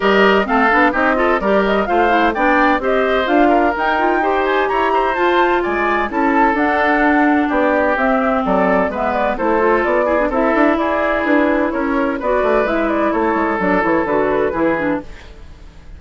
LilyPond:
<<
  \new Staff \with { instrumentName = "flute" } { \time 4/4 \tempo 4 = 128 dis''4 f''4 dis''4 d''8 dis''8 | f''4 g''4 dis''4 f''4 | g''4. gis''8 ais''4 a''4 | gis''4 a''4 fis''2 |
d''4 e''4 d''4 e''8 d''8 | c''4 d''4 e''4 d''4 | b'4 cis''4 d''4 e''8 d''8 | cis''4 d''8 cis''8 b'2 | }
  \new Staff \with { instrumentName = "oboe" } { \time 4/4 ais'4 a'4 g'8 a'8 ais'4 | c''4 d''4 c''4. ais'8~ | ais'4 c''4 cis''8 c''4. | d''4 a'2. |
g'2 a'4 b'4 | a'4. gis'8 a'4 gis'4~ | gis'4 ais'4 b'2 | a'2. gis'4 | }
  \new Staff \with { instrumentName = "clarinet" } { \time 4/4 g'4 c'8 d'8 dis'8 f'8 g'4 | f'8 e'8 d'4 g'4 f'4 | dis'8 f'8 g'2 f'4~ | f'4 e'4 d'2~ |
d'4 c'2 b4 | e'8 f'4 e'16 d'16 e'2~ | e'2 fis'4 e'4~ | e'4 d'8 e'8 fis'4 e'8 d'8 | }
  \new Staff \with { instrumentName = "bassoon" } { \time 4/4 g4 a8 b8 c'4 g4 | a4 b4 c'4 d'4 | dis'2 e'4 f'4 | gis4 cis'4 d'2 |
b4 c'4 fis4 gis4 | a4 b4 c'8 d'8 e'4 | d'4 cis'4 b8 a8 gis4 | a8 gis8 fis8 e8 d4 e4 | }
>>